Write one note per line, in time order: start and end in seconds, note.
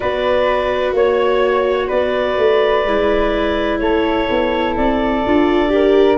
0.00 0.91 B3
0.00 2.85 F#4
0.00 0.94 B4
0.00 0.94 D5
0.91 1.87 A#3
0.91 1.87 C#5
0.91 1.89 C#5
1.87 2.37 B3
1.87 3.78 B4
1.87 3.79 D5
2.37 2.85 A3
2.85 3.80 G#3
2.85 5.24 E4
3.79 4.28 A3
3.79 5.72 A4
3.79 4.74 C#5
4.30 4.77 B3
4.77 5.25 C4
4.77 6.17 D5
5.26 6.17 D4
5.26 5.68 F4
5.68 6.16 G4
5.68 6.17 A#4